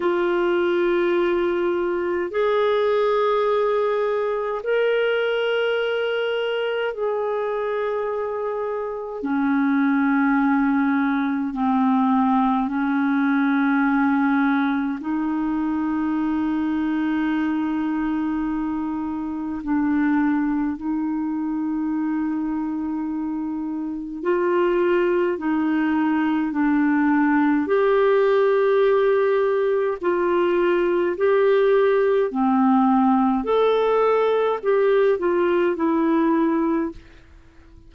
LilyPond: \new Staff \with { instrumentName = "clarinet" } { \time 4/4 \tempo 4 = 52 f'2 gis'2 | ais'2 gis'2 | cis'2 c'4 cis'4~ | cis'4 dis'2.~ |
dis'4 d'4 dis'2~ | dis'4 f'4 dis'4 d'4 | g'2 f'4 g'4 | c'4 a'4 g'8 f'8 e'4 | }